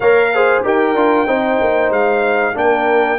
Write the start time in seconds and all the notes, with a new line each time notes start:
0.00 A#3 A#4 C#5 F5
0.34 G#4 C5
0.63 D#4 G4 A#4 G5
0.94 D4 F4
1.27 C4 D#4 C5
1.60 A#3
1.90 G#3 F5
2.54 A#3 D4 A#4 G5